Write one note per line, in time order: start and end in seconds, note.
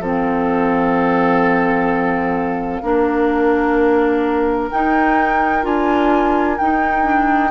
0.00 2.81 F3
0.00 2.83 C4
0.00 2.82 A4
0.00 4.71 F5
2.82 4.71 A#3
2.82 4.71 D4
2.82 7.51 A#4
4.71 5.63 D#4
4.71 5.64 D#4
4.71 5.65 G5
5.63 6.58 D4
5.63 6.57 F4
5.63 6.58 G#5
6.58 7.52 D#4
6.58 7.03 D#4
6.58 7.52 G5
7.03 7.50 D4